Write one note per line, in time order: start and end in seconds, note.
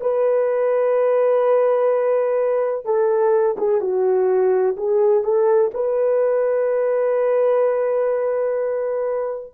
0.00 2.85 B4
2.85 3.56 A4
3.58 3.81 G#4
3.81 4.76 F#4
4.76 5.23 G#4
5.23 5.71 A4
5.74 9.53 B4